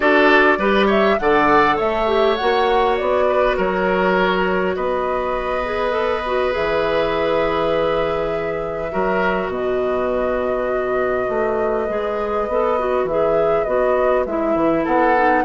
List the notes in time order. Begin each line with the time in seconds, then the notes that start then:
0.00 D4 F#4 A4 D5
0.57 G3 G4 B4
0.86 C#5 E5
1.18 D3 A4 D5 F#5
1.76 A3 C#5 E5
2.06 G4
2.36 A#3 F#4 F#5
2.97 B3 D5
3.28 B4
3.56 F#3 A#4 C#5
4.75 B3 B4 D#5
5.65 G#4
5.91 A4
6.26 F#4
6.51 E3 G#4 E5
8.91 F#3 F#4 A#4
9.48 B2 B4 D#5
11.29 A3
11.88 G#3 G#4
12.47 B3 A4
12.79 F#4
13.03 E3 G#4 E5
13.64 B3 F#4 D#5
14.25 G#3 E4 E5
14.55 E3
14.84 B3 A4 F#5
15.16 D#4